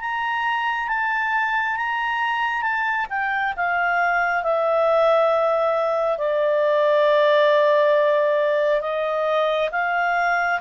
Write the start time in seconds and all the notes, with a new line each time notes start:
0.00 A#5
0.88 A5
1.76 A#5
2.62 A5
3.09 G5
3.56 F5
4.43 E5
6.18 D5
8.81 D#5
9.71 F5